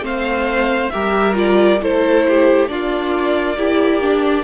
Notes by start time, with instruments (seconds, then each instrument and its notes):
0.00 cello A3, viola C4, violin C5 F5
0.90 cello G3, viola G4, violin A#4 E5
1.34 viola F4, violin D5
1.81 cello A3, viola E4, violin A4 C5
2.28 violin G4
2.68 cello A#3, viola D4, violin F4 D5
3.57 viola E4, violin G4
4.02 viola D4